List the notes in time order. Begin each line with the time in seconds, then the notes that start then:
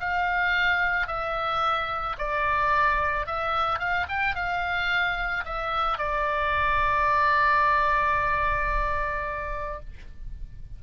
0.00 F5
1.07 E5
2.18 D5
3.27 E5
3.79 F5
4.09 G5
4.35 F5
5.45 E5
5.98 D5